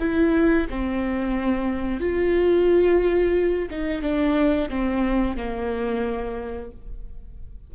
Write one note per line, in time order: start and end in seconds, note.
0.00 0.67 E4
0.70 2.01 C4
2.01 3.70 F4
3.71 4.02 D#4
4.02 4.69 D4
4.70 5.37 C4
5.37 6.72 A#3